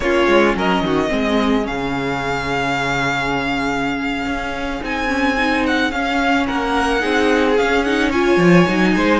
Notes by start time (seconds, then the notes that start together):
0.00 A#3 C#4 F4 C#5
0.27 G#3
0.54 F#3 A#4 D#5
0.81 D#3 F#4
1.08 G#3 C4 G#4
1.63 C#3 C#4 F5
4.25 C#4
4.80 C4 D#4 G#5
5.07 C#4
5.37 D#4
5.65 F#5
5.91 C#4 F5
6.46 A#3 A#4 F#5
7.00 C4 D#4 G#4
7.57 C#4 F5
7.83 D#4 F#5
8.08 F4 C#5 G#5
8.37 F3
8.67 F#3 D#4
8.95 G#3 C5